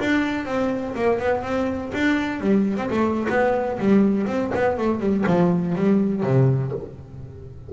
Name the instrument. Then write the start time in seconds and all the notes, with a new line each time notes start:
double bass
0.00 D4
0.46 C4
0.95 A#3
1.19 B3
1.43 C4
1.94 D4
2.41 G3
2.77 C4
2.91 A3
3.30 B3
3.79 G3
4.27 C4
4.55 B3
4.78 A3
5.00 G3
5.27 F3
5.76 G3
6.23 C3